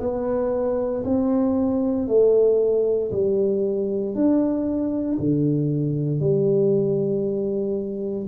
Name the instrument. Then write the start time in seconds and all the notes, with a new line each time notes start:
tuba
0.00 B3
1.05 C4
2.08 A3
3.12 G3
4.15 D4
5.19 D3
6.20 G3